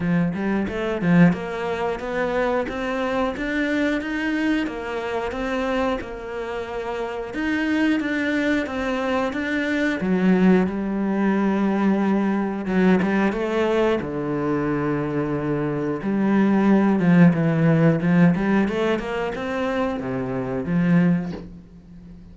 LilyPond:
\new Staff \with { instrumentName = "cello" } { \time 4/4 \tempo 4 = 90 f8 g8 a8 f8 ais4 b4 | c'4 d'4 dis'4 ais4 | c'4 ais2 dis'4 | d'4 c'4 d'4 fis4 |
g2. fis8 g8 | a4 d2. | g4. f8 e4 f8 g8 | a8 ais8 c'4 c4 f4 | }